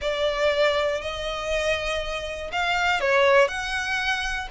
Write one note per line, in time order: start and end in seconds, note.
0.01 1.01 D5
1.01 2.51 D#5
2.52 3.00 F5
3.00 3.47 C#5
3.47 4.47 F#5